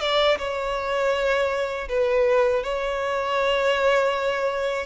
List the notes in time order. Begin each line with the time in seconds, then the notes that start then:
0.00 D5
0.38 C#5
1.89 B4
2.63 C#5